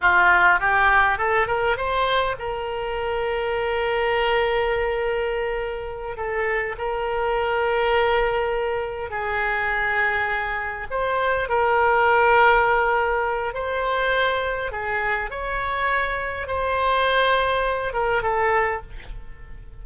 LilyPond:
\new Staff \with { instrumentName = "oboe" } { \time 4/4 \tempo 4 = 102 f'4 g'4 a'8 ais'8 c''4 | ais'1~ | ais'2~ ais'8 a'4 ais'8~ | ais'2.~ ais'8 gis'8~ |
gis'2~ gis'8 c''4 ais'8~ | ais'2. c''4~ | c''4 gis'4 cis''2 | c''2~ c''8 ais'8 a'4 | }